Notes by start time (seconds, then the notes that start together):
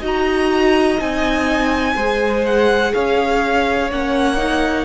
0.00 D#4 F#4 D#5
0.06 A#5
0.98 C4 D#4 G#5
1.96 G#3 G#4 C5
2.46 F#5
2.94 C#4 C#5 F5
3.91 A#3 C#4 F#5
4.37 D#4